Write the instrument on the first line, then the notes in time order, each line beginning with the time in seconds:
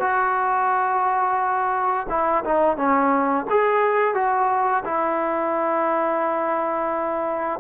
trombone
0.00 F#4
2.09 E4
2.44 D#4
2.76 C#4
3.50 G#4
4.14 F#4
4.85 E4